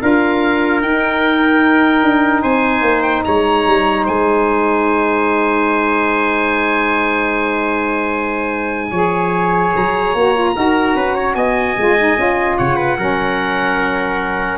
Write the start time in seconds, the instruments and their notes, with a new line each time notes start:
0.00 tuba D4, saxophone F4, trumpet A#4, oboe F5
0.82 tuba D#4, saxophone D#4, oboe G5
2.02 tuba D4
2.42 tuba C4, trumpet C5, oboe G#5
2.81 tuba A#3
3.02 oboe G5
3.24 tuba G#3, trumpet C#5, oboe A#5
3.66 tuba G3
4.04 tuba G#3, trumpet C5, oboe G#5
8.91 tuba F3, saxophone G#4, trumpet C#5
9.74 tuba F#3, oboe A#5
10.14 tuba A#3, saxophone F#4
10.35 saxophone F4
10.55 tuba D#4, saxophone F#4, trumpet A#4
10.95 tuba C#4, trumpet B4
11.15 trumpet C#5
11.35 tuba B3, trumpet D#5, oboe G#5
11.77 tuba G#3, saxophone F4
11.98 saxophone D#4
12.16 tuba C#4, saxophone F4
12.57 tuba C#3, trumpet C#5, oboe F#5
12.76 trumpet B4
12.98 tuba F#3, saxophone C#4, trumpet A#4